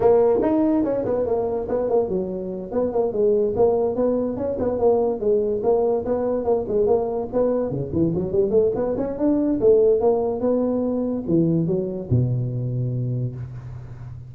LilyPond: \new Staff \with { instrumentName = "tuba" } { \time 4/4 \tempo 4 = 144 ais4 dis'4 cis'8 b8 ais4 | b8 ais8 fis4. b8 ais8 gis8~ | gis8 ais4 b4 cis'8 b8 ais8~ | ais8 gis4 ais4 b4 ais8 |
gis8 ais4 b4 cis8 e8 fis8 | g8 a8 b8 cis'8 d'4 a4 | ais4 b2 e4 | fis4 b,2. | }